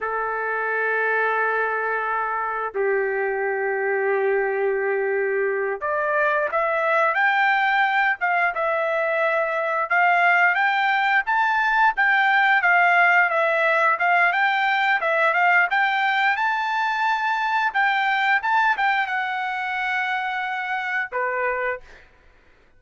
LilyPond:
\new Staff \with { instrumentName = "trumpet" } { \time 4/4 \tempo 4 = 88 a'1 | g'1~ | g'8 d''4 e''4 g''4. | f''8 e''2 f''4 g''8~ |
g''8 a''4 g''4 f''4 e''8~ | e''8 f''8 g''4 e''8 f''8 g''4 | a''2 g''4 a''8 g''8 | fis''2. b'4 | }